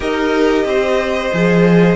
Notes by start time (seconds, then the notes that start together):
0.00 D#4 G4 A#4 D#5
0.65 C4 C5
1.33 F3 G#4